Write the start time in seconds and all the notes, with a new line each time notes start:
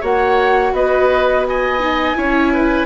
0.00 A#3 F#4 C#5 F#5
0.72 B3 B4 D#5
1.47 D#5 G#5
1.79 D#4
2.15 C#4 E4 C#5
2.53 B4